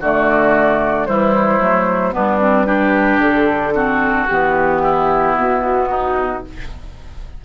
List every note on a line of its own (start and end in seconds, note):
0.00 1.07 D3
0.00 1.07 A3
0.00 1.07 F#4
0.00 1.06 D5
1.06 1.59 E3
1.06 1.60 G3
1.06 2.14 E4
1.06 2.13 C5
1.59 2.13 F#3
1.59 2.12 A3
2.12 3.18 G3
2.12 2.39 B3
2.12 2.66 D4
2.12 3.21 B4
2.39 2.66 C4
2.66 3.73 D4
2.66 3.73 G4
3.18 4.25 D3
3.18 4.28 A4
3.74 4.27 C4
3.74 4.82 F#4
4.28 5.36 E3
4.28 6.44 B3
4.28 5.35 G4
4.82 5.89 E4
5.36 6.43 B2
5.36 6.45 F#4
5.90 6.43 D#4